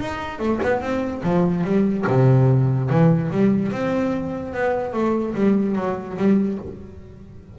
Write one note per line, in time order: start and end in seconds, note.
0.00 0.39 D#4
0.39 0.60 A3
0.63 0.81 B3
0.81 1.22 C4
1.23 1.64 F3
1.64 2.05 G3
2.07 2.89 C3
2.90 3.31 E3
3.31 3.72 G3
3.72 4.53 C4
4.53 4.93 B3
4.93 5.34 A3
5.34 5.75 G3
5.76 6.17 F#3
6.17 6.58 G3